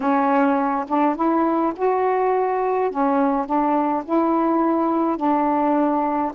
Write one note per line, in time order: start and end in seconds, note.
0.00 0.85 C#4
0.88 1.15 D4
1.15 1.73 E4
1.75 2.91 F#4
2.91 3.46 C#4
3.46 4.03 D4
4.04 5.16 E4
5.16 6.32 D4